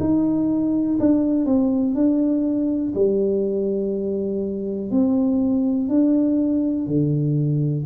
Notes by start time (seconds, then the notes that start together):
0.00 D#4
1.00 D4
1.46 C4
1.95 D4
2.95 G3
4.91 C4
5.89 D4
6.87 D3